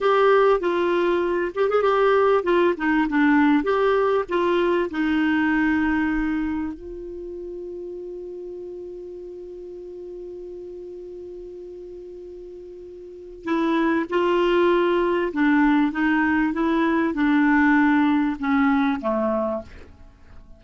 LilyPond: \new Staff \with { instrumentName = "clarinet" } { \time 4/4 \tempo 4 = 98 g'4 f'4. g'16 gis'16 g'4 | f'8 dis'8 d'4 g'4 f'4 | dis'2. f'4~ | f'1~ |
f'1~ | f'2 e'4 f'4~ | f'4 d'4 dis'4 e'4 | d'2 cis'4 a4 | }